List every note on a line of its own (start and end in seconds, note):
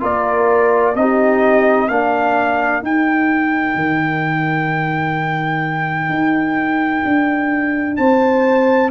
0.00 0.95 A#3
0.00 0.94 F4
0.00 0.95 A#4
0.00 0.96 D5
0.95 1.89 C4
0.95 1.89 D#4
0.95 1.88 G4
0.95 1.89 D#5
1.88 2.82 A#3
1.88 2.82 D4
1.88 7.98 A#4
1.88 2.82 F5
2.82 8.91 D#4
2.82 3.75 D#4
2.82 7.97 G5
3.75 6.09 D#3
6.09 7.03 D#4
7.05 7.98 D4
7.97 8.91 C4
7.97 8.91 C5
7.97 8.90 A5